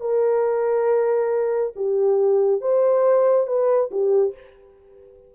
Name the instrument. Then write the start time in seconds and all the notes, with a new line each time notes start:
horn
0.00 A#4
1.75 G4
2.61 C5
3.47 B4
3.90 G4